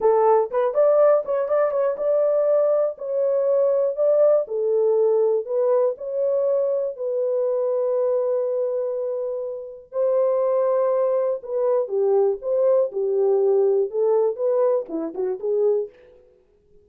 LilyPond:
\new Staff \with { instrumentName = "horn" } { \time 4/4 \tempo 4 = 121 a'4 b'8 d''4 cis''8 d''8 cis''8 | d''2 cis''2 | d''4 a'2 b'4 | cis''2 b'2~ |
b'1 | c''2. b'4 | g'4 c''4 g'2 | a'4 b'4 e'8 fis'8 gis'4 | }